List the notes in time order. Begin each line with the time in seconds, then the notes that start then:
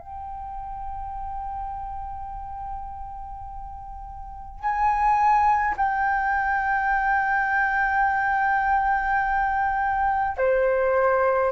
0.00 G5
4.60 G#5
5.77 G5
10.37 C5